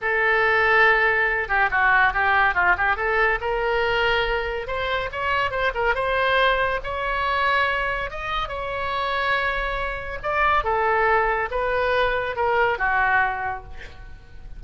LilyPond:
\new Staff \with { instrumentName = "oboe" } { \time 4/4 \tempo 4 = 141 a'2.~ a'8 g'8 | fis'4 g'4 f'8 g'8 a'4 | ais'2. c''4 | cis''4 c''8 ais'8 c''2 |
cis''2. dis''4 | cis''1 | d''4 a'2 b'4~ | b'4 ais'4 fis'2 | }